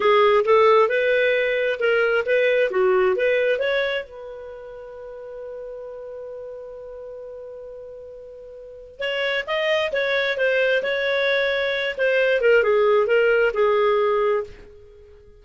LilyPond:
\new Staff \with { instrumentName = "clarinet" } { \time 4/4 \tempo 4 = 133 gis'4 a'4 b'2 | ais'4 b'4 fis'4 b'4 | cis''4 b'2.~ | b'1~ |
b'1 | cis''4 dis''4 cis''4 c''4 | cis''2~ cis''8 c''4 ais'8 | gis'4 ais'4 gis'2 | }